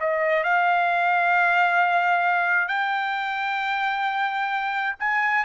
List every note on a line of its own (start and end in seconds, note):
0.00 0.44 D#5
0.44 2.68 F5
2.68 4.95 G5
5.00 5.45 G#5